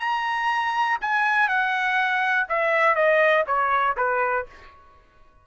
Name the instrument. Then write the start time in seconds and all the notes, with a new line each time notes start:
trumpet
0.00 A#5
1.02 G#5
1.49 F#5
2.49 E5
2.96 D#5
3.47 C#5
3.97 B4